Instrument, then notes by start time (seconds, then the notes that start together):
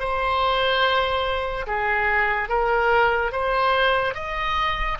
oboe
0.00 C5
1.67 G#4
2.49 A#4
3.32 C5
4.15 D#5